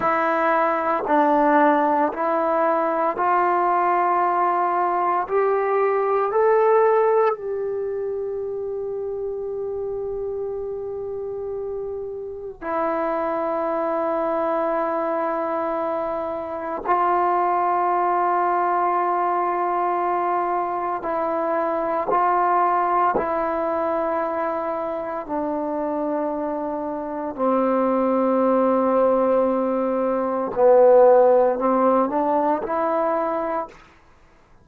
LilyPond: \new Staff \with { instrumentName = "trombone" } { \time 4/4 \tempo 4 = 57 e'4 d'4 e'4 f'4~ | f'4 g'4 a'4 g'4~ | g'1 | e'1 |
f'1 | e'4 f'4 e'2 | d'2 c'2~ | c'4 b4 c'8 d'8 e'4 | }